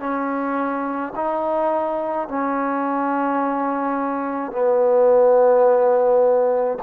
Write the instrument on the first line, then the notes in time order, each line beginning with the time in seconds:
trombone
0.00 C#4
1.15 D#4
2.28 C#4
4.52 B3